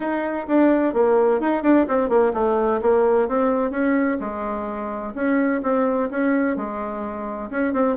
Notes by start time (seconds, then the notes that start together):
0.00 D#4
0.47 D4
0.93 A#3
1.40 D#4
1.63 D4
1.88 C4
2.09 A#3
2.33 A3
2.81 A#3
3.28 C4
3.70 C#4
4.20 G#3
5.14 C#4
5.62 C4
6.10 C#4
6.56 G#3
7.50 C#4
7.73 C4